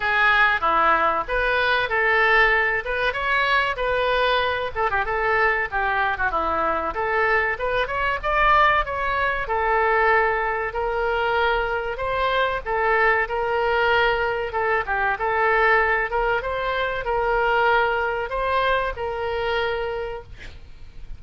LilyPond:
\new Staff \with { instrumentName = "oboe" } { \time 4/4 \tempo 4 = 95 gis'4 e'4 b'4 a'4~ | a'8 b'8 cis''4 b'4. a'16 g'16 | a'4 g'8. fis'16 e'4 a'4 | b'8 cis''8 d''4 cis''4 a'4~ |
a'4 ais'2 c''4 | a'4 ais'2 a'8 g'8 | a'4. ais'8 c''4 ais'4~ | ais'4 c''4 ais'2 | }